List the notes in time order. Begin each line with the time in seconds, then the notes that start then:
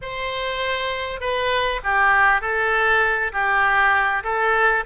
0.01 C5
1.20 B4
1.83 G4
2.41 A4
3.32 G4
4.23 A4